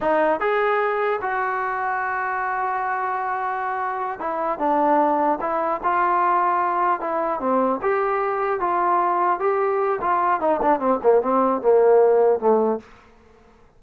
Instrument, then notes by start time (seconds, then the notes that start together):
trombone
0.00 D#4
0.39 G#4
1.21 F#4
4.19 E4
4.59 D4
5.40 E4
5.83 F4
7.00 E4
7.40 C4
7.82 G4
8.60 F4
9.39 G4
10.01 F4
10.40 D#4
10.61 D4
10.79 C4
11.02 A#3
11.21 C4
11.61 A#3
12.39 A3